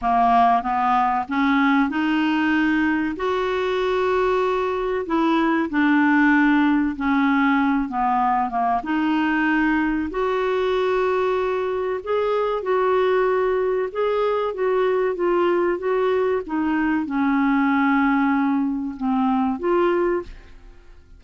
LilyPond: \new Staff \with { instrumentName = "clarinet" } { \time 4/4 \tempo 4 = 95 ais4 b4 cis'4 dis'4~ | dis'4 fis'2. | e'4 d'2 cis'4~ | cis'8 b4 ais8 dis'2 |
fis'2. gis'4 | fis'2 gis'4 fis'4 | f'4 fis'4 dis'4 cis'4~ | cis'2 c'4 f'4 | }